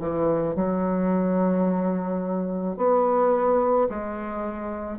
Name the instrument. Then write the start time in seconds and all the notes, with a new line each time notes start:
bassoon
0.00 E3
0.56 F#3
2.77 B3
3.89 G#3